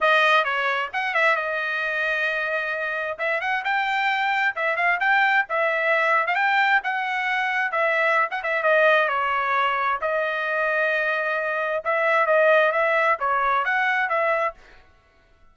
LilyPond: \new Staff \with { instrumentName = "trumpet" } { \time 4/4 \tempo 4 = 132 dis''4 cis''4 fis''8 e''8 dis''4~ | dis''2. e''8 fis''8 | g''2 e''8 f''8 g''4 | e''4.~ e''16 f''16 g''4 fis''4~ |
fis''4 e''4~ e''16 fis''16 e''8 dis''4 | cis''2 dis''2~ | dis''2 e''4 dis''4 | e''4 cis''4 fis''4 e''4 | }